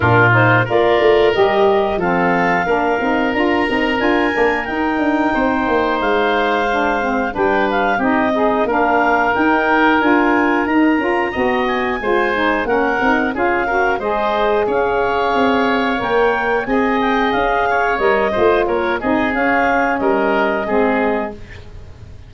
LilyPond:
<<
  \new Staff \with { instrumentName = "clarinet" } { \time 4/4 \tempo 4 = 90 ais'8 c''8 d''4 dis''4 f''4~ | f''4 ais''4 gis''4 g''4~ | g''4 f''2 g''8 f''8 | dis''4 f''4 g''4 gis''4 |
ais''4. gis''4. fis''4 | f''4 dis''4 f''2 | g''4 gis''8 g''8 f''4 dis''4 | cis''8 dis''8 f''4 dis''2 | }
  \new Staff \with { instrumentName = "oboe" } { \time 4/4 f'4 ais'2 a'4 | ais'1 | c''2. b'4 | g'8 dis'8 ais'2.~ |
ais'4 dis''4 c''4 ais'4 | gis'8 ais'8 c''4 cis''2~ | cis''4 dis''4. cis''4 c''8 | ais'8 gis'4. ais'4 gis'4 | }
  \new Staff \with { instrumentName = "saxophone" } { \time 4/4 d'8 dis'8 f'4 g'4 c'4 | d'8 dis'8 f'8 dis'8 f'8 d'8 dis'4~ | dis'2 d'8 c'8 d'4 | dis'8 gis'8 d'4 dis'4 f'4 |
dis'8 f'8 fis'4 f'8 dis'8 cis'8 dis'8 | f'8 fis'8 gis'2. | ais'4 gis'2 ais'8 f'8~ | f'8 dis'8 cis'2 c'4 | }
  \new Staff \with { instrumentName = "tuba" } { \time 4/4 ais,4 ais8 a8 g4 f4 | ais8 c'8 d'8 c'8 d'8 ais8 dis'8 d'8 | c'8 ais8 gis2 g4 | c'4 ais4 dis'4 d'4 |
dis'8 cis'8 b4 gis4 ais8 c'8 | cis'4 gis4 cis'4 c'4 | ais4 c'4 cis'4 g8 a8 | ais8 c'8 cis'4 g4 gis4 | }
>>